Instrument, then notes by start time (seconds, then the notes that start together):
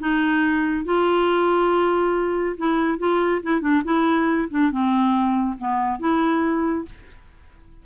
clarinet
0.00 D#4
0.85 F4
2.58 E4
2.99 F4
3.43 E4
3.61 D4
3.85 E4
4.51 D4
4.72 C4
5.58 B3
6.00 E4